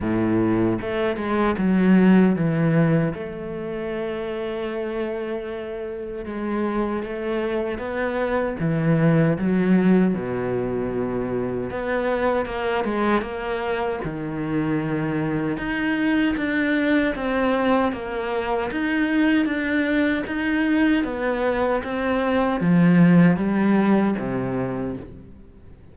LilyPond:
\new Staff \with { instrumentName = "cello" } { \time 4/4 \tempo 4 = 77 a,4 a8 gis8 fis4 e4 | a1 | gis4 a4 b4 e4 | fis4 b,2 b4 |
ais8 gis8 ais4 dis2 | dis'4 d'4 c'4 ais4 | dis'4 d'4 dis'4 b4 | c'4 f4 g4 c4 | }